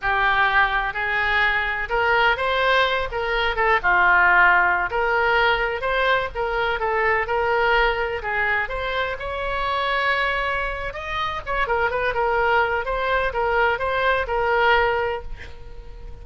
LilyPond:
\new Staff \with { instrumentName = "oboe" } { \time 4/4 \tempo 4 = 126 g'2 gis'2 | ais'4 c''4. ais'4 a'8 | f'2~ f'16 ais'4.~ ais'16~ | ais'16 c''4 ais'4 a'4 ais'8.~ |
ais'4~ ais'16 gis'4 c''4 cis''8.~ | cis''2. dis''4 | cis''8 ais'8 b'8 ais'4. c''4 | ais'4 c''4 ais'2 | }